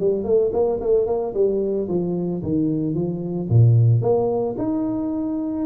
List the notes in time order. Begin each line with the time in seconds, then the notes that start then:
0.00 G3
0.24 A3
0.53 A#3
0.80 A3
1.07 A#3
1.34 G3
1.89 F3
2.43 D#3
2.94 F3
3.49 A#2
4.02 A#3
4.58 D#4